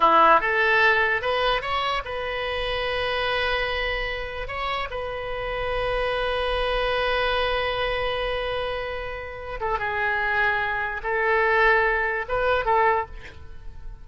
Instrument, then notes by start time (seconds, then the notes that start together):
oboe
0.00 E4
0.40 A4
1.21 B4
1.61 C#5
2.04 B4
4.47 C#5
4.90 B4
9.60 A4
9.78 G#4
11.03 A4
12.28 B4
12.65 A4